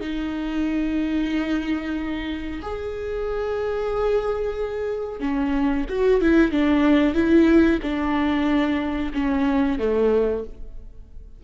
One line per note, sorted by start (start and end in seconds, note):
0.00 2.61 D#4
2.62 5.20 G#4
5.20 5.85 C#4
5.89 6.21 F#4
6.21 6.52 E4
6.52 7.14 D4
7.14 7.80 E4
7.82 9.12 D4
9.13 9.79 C#4
9.79 10.44 A3